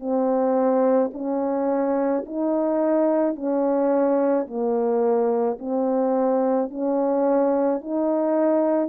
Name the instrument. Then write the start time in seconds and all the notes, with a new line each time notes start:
horn
0.00 C4
1.14 C#4
2.26 D#4
3.36 C#4
4.47 A#3
5.59 C4
6.70 C#4
7.81 D#4